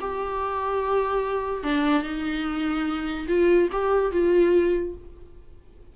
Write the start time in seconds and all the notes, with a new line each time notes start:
0.00 G4
1.63 D4
2.03 D#4
3.28 F4
3.72 G4
4.12 F4